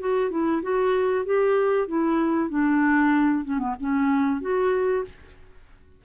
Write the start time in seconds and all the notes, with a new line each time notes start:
0.00 F#4
0.30 E4
0.63 F#4
1.25 G4
1.88 E4
2.50 D4
3.44 C#4
3.59 B3
3.80 C#4
4.42 F#4